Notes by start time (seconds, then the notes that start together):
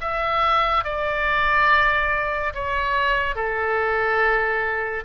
0.00 E5
0.84 D5
2.54 C#5
3.35 A4